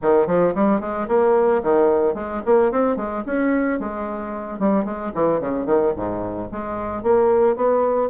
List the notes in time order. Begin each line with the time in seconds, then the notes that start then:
0.01 D#3
0.26 F3
0.55 G3
0.80 G#3
1.08 A#3
1.62 D#3
2.14 G#3
2.45 A#3
2.71 C4
2.96 G#3
3.26 C#4
3.79 G#3
4.59 G3
4.85 G#3
5.14 E3
5.40 C#3
5.66 D#3
5.96 G#2
6.51 G#3
7.02 A#3
7.56 B3